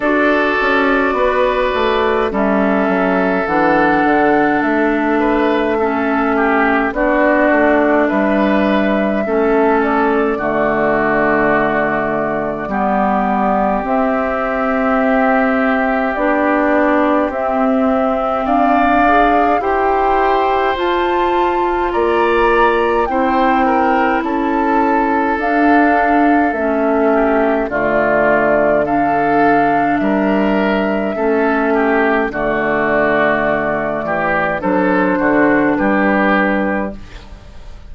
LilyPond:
<<
  \new Staff \with { instrumentName = "flute" } { \time 4/4 \tempo 4 = 52 d''2 e''4 fis''4 | e''2 d''4 e''4~ | e''8 d''2.~ d''8 | e''2 d''4 e''4 |
f''4 g''4 a''4 ais''4 | g''4 a''4 f''4 e''4 | d''4 f''4 e''2 | d''2 c''4 b'4 | }
  \new Staff \with { instrumentName = "oboe" } { \time 4/4 a'4 b'4 a'2~ | a'8 b'8 a'8 g'8 fis'4 b'4 | a'4 fis'2 g'4~ | g'1 |
d''4 c''2 d''4 | c''8 ais'8 a'2~ a'8 g'8 | f'4 a'4 ais'4 a'8 g'8 | fis'4. g'8 a'8 fis'8 g'4 | }
  \new Staff \with { instrumentName = "clarinet" } { \time 4/4 fis'2 cis'4 d'4~ | d'4 cis'4 d'2 | cis'4 a2 b4 | c'2 d'4 c'4~ |
c'8 gis'8 g'4 f'2 | e'2 d'4 cis'4 | a4 d'2 cis'4 | a2 d'2 | }
  \new Staff \with { instrumentName = "bassoon" } { \time 4/4 d'8 cis'8 b8 a8 g8 fis8 e8 d8 | a2 b8 a8 g4 | a4 d2 g4 | c'2 b4 c'4 |
d'4 e'4 f'4 ais4 | c'4 cis'4 d'4 a4 | d2 g4 a4 | d4. e8 fis8 d8 g4 | }
>>